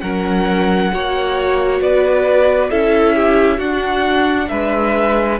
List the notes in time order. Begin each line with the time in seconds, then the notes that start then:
0.00 F#3 C#4 A#4 F#5
0.91 A#3 F#4 C#5
1.80 B3 B4 D5
2.70 C#4 E4 A4 E5
3.15 G4
3.57 D4 F#4 F#5
4.48 G#3 B4 E5